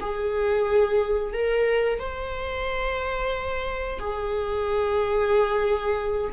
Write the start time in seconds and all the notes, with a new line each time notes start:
0.00 G#4
1.33 A#4
1.99 C5
3.99 G#4